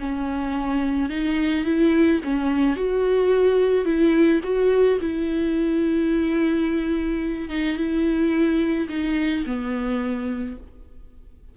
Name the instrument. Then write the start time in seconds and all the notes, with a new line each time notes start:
viola
0.00 C#4
1.10 D#4
1.65 E4
2.24 C#4
2.77 F#4
3.85 E4
4.44 F#4
5.01 E4
7.50 D#4
7.77 E4
8.89 D#4
9.46 B3